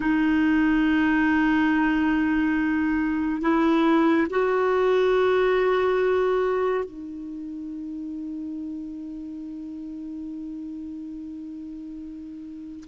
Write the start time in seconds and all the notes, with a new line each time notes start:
0.00 D#4
3.41 E4
4.30 F#4
6.84 D#4